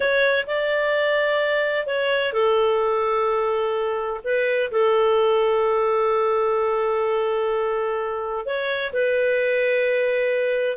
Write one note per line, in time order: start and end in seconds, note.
0.00 0.46 C#5
0.46 1.86 D5
1.86 2.32 C#5
2.32 4.20 A4
4.24 4.70 B4
4.71 8.45 A4
8.45 8.92 C#5
8.92 10.77 B4